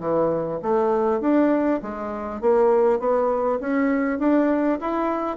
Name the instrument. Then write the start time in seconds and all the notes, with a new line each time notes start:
bassoon
0.00 E3
0.62 A3
1.21 D4
1.82 G#3
2.41 A#3
2.99 B3
3.60 C#4
4.19 D4
4.81 E4